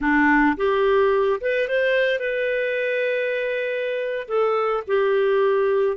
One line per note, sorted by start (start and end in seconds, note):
0.01 0.56 D4
0.56 1.40 G4
1.40 1.67 B4
1.67 2.19 C5
2.19 4.27 B4
4.28 4.83 A4
4.87 5.97 G4